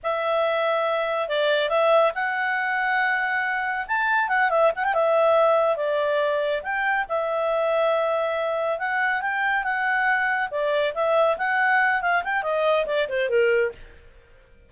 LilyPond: \new Staff \with { instrumentName = "clarinet" } { \time 4/4 \tempo 4 = 140 e''2. d''4 | e''4 fis''2.~ | fis''4 a''4 fis''8 e''8 fis''16 g''16 e''8~ | e''4. d''2 g''8~ |
g''8 e''2.~ e''8~ | e''8 fis''4 g''4 fis''4.~ | fis''8 d''4 e''4 fis''4. | f''8 g''8 dis''4 d''8 c''8 ais'4 | }